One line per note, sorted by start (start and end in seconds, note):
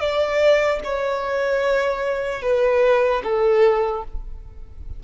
0.00 0.80 D5
0.84 2.42 C#5
2.42 3.22 B4
3.23 4.03 A4